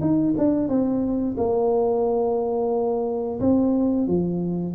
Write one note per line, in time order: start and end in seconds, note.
0.00 0.34 D#4
0.37 0.68 D4
0.68 1.36 C4
1.37 3.40 A#3
3.40 4.07 C4
4.07 4.74 F3